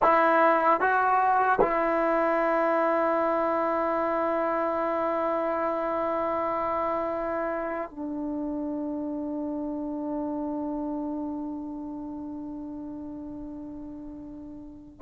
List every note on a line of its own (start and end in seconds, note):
0.02 0.80 E4
0.80 1.59 F#4
1.61 7.90 E4
7.90 15.01 D4